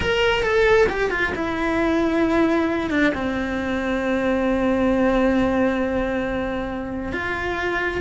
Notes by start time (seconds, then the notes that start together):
0.00 A#4
0.42 A4
0.89 G4
1.10 F4
1.35 E4
2.90 D4
3.14 C4
7.12 F4